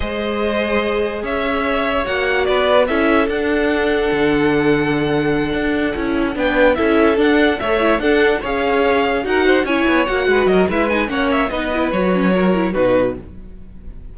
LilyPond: <<
  \new Staff \with { instrumentName = "violin" } { \time 4/4 \tempo 4 = 146 dis''2. e''4~ | e''4 fis''4 d''4 e''4 | fis''1~ | fis''2.~ fis''8 g''8~ |
g''8 e''4 fis''4 e''4 fis''8~ | fis''8 f''2 fis''4 gis''8~ | gis''8 fis''4 dis''8 e''8 gis''8 fis''8 e''8 | dis''4 cis''2 b'4 | }
  \new Staff \with { instrumentName = "violin" } { \time 4/4 c''2. cis''4~ | cis''2 b'4 a'4~ | a'1~ | a'2.~ a'8 b'8~ |
b'8 a'2 cis''4 a'8~ | a'8 cis''2 ais'8 c''8 cis''8~ | cis''4 b'8 ais'8 b'4 cis''4 | b'2 ais'4 fis'4 | }
  \new Staff \with { instrumentName = "viola" } { \time 4/4 gis'1~ | gis'4 fis'2 e'4 | d'1~ | d'2~ d'8 e'4 d'8~ |
d'8 e'4 d'4 a'8 e'8 d'8~ | d'8 gis'2 fis'4 e'8~ | e'8 fis'4. e'8 dis'8 cis'4 | dis'8 e'8 fis'8 cis'8 fis'8 e'8 dis'4 | }
  \new Staff \with { instrumentName = "cello" } { \time 4/4 gis2. cis'4~ | cis'4 ais4 b4 cis'4 | d'2 d2~ | d4. d'4 cis'4 b8~ |
b8 cis'4 d'4 a4 d'8~ | d'8 cis'2 dis'4 cis'8 | b8 ais8 gis8 fis8 gis4 ais4 | b4 fis2 b,4 | }
>>